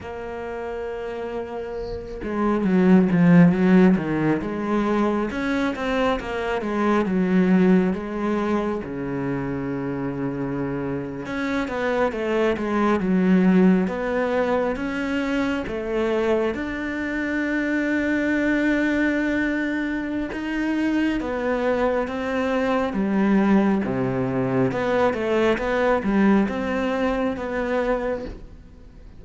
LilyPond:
\new Staff \with { instrumentName = "cello" } { \time 4/4 \tempo 4 = 68 ais2~ ais8 gis8 fis8 f8 | fis8 dis8 gis4 cis'8 c'8 ais8 gis8 | fis4 gis4 cis2~ | cis8. cis'8 b8 a8 gis8 fis4 b16~ |
b8. cis'4 a4 d'4~ d'16~ | d'2. dis'4 | b4 c'4 g4 c4 | b8 a8 b8 g8 c'4 b4 | }